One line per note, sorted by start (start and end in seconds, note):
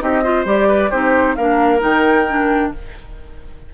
0.00 0.45 C4
0.00 0.23 D#4
0.00 0.24 G4
0.00 0.46 D#5
0.24 0.46 F4
0.24 0.68 C5
0.45 0.90 G3
0.45 0.91 G4
0.45 0.91 D5
0.68 0.90 B4
0.90 1.38 C4
0.90 1.37 D#4
0.90 1.36 G4
0.90 1.36 C5
1.36 1.83 A#3
1.36 1.79 D4
1.36 2.73 A#4
1.36 1.81 F5
1.79 2.74 D#3
1.79 2.24 D#4
1.79 2.74 G5
2.29 2.75 D4